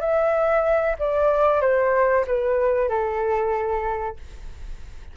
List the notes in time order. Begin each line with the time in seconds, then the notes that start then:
0.00 E5
0.99 D5
1.61 C5
2.27 B4
2.89 A4